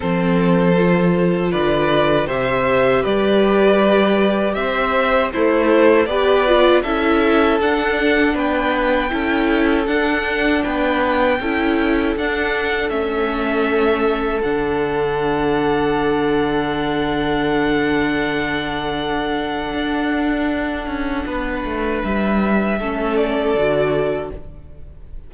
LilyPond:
<<
  \new Staff \with { instrumentName = "violin" } { \time 4/4 \tempo 4 = 79 c''2 d''4 e''4 | d''2 e''4 c''4 | d''4 e''4 fis''4 g''4~ | g''4 fis''4 g''2 |
fis''4 e''2 fis''4~ | fis''1~ | fis''1~ | fis''4 e''4. d''4. | }
  \new Staff \with { instrumentName = "violin" } { \time 4/4 a'2 b'4 c''4 | b'2 c''4 e'4 | b'4 a'2 b'4 | a'2 b'4 a'4~ |
a'1~ | a'1~ | a'1 | b'2 a'2 | }
  \new Staff \with { instrumentName = "viola" } { \time 4/4 c'4 f'2 g'4~ | g'2. a'4 | g'8 f'8 e'4 d'2 | e'4 d'2 e'4 |
d'4 cis'2 d'4~ | d'1~ | d'1~ | d'2 cis'4 fis'4 | }
  \new Staff \with { instrumentName = "cello" } { \time 4/4 f2 d4 c4 | g2 c'4 a4 | b4 cis'4 d'4 b4 | cis'4 d'4 b4 cis'4 |
d'4 a2 d4~ | d1~ | d2 d'4. cis'8 | b8 a8 g4 a4 d4 | }
>>